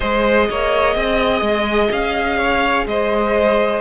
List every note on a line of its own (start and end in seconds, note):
0.00 0.49 G#3
0.00 3.79 G#4
0.00 0.48 C5
0.00 1.89 D#5
0.50 0.95 A#3
0.50 0.96 C#5
0.95 1.41 C4
0.95 2.38 D#5
1.41 1.88 G#3
1.91 2.86 C#4
1.91 2.86 F5
2.38 2.85 C#5
2.86 3.81 G#3
2.86 3.81 C5
2.86 3.81 D#5